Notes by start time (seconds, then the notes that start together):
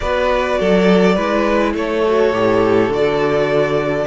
0.00 B3 F#4 B4 D5
0.59 F#3 A4
1.15 G#3 E4 B4
1.74 A3 A4 C#5
2.07 F#4
2.32 A2 G4
2.89 D3 F#4 D5